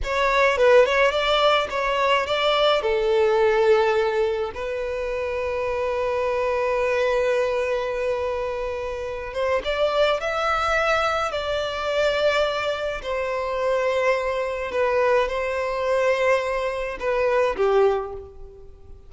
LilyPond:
\new Staff \with { instrumentName = "violin" } { \time 4/4 \tempo 4 = 106 cis''4 b'8 cis''8 d''4 cis''4 | d''4 a'2. | b'1~ | b'1~ |
b'8 c''8 d''4 e''2 | d''2. c''4~ | c''2 b'4 c''4~ | c''2 b'4 g'4 | }